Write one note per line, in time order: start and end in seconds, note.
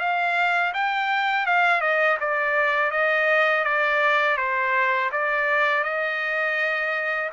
0.00 0.73 F5
0.74 1.46 G5
1.46 1.81 F5
1.81 2.18 D#5
2.21 2.91 D5
2.91 3.64 D#5
3.64 4.37 D5
4.37 5.10 C5
5.12 5.84 D5
5.84 7.30 D#5